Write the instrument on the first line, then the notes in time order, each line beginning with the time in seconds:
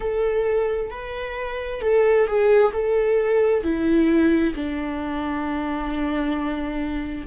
viola
0.00 A4
0.90 B4
1.81 A4
2.26 G#4
2.72 A4
3.63 E4
4.55 D4